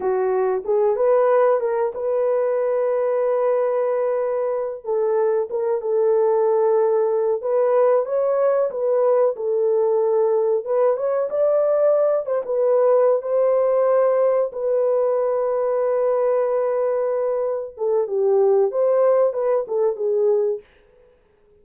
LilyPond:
\new Staff \with { instrumentName = "horn" } { \time 4/4 \tempo 4 = 93 fis'4 gis'8 b'4 ais'8 b'4~ | b'2.~ b'8 a'8~ | a'8 ais'8 a'2~ a'8 b'8~ | b'8 cis''4 b'4 a'4.~ |
a'8 b'8 cis''8 d''4. c''16 b'8.~ | b'8 c''2 b'4.~ | b'2.~ b'8 a'8 | g'4 c''4 b'8 a'8 gis'4 | }